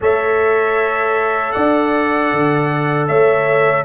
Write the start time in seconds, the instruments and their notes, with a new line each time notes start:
0.00 tuba A3, trombone A4, horn C#5, trumpet E5
1.52 tuba D4, horn D5, trumpet F#5
2.32 tuba D3
3.07 tuba A3, horn C#5, trumpet E5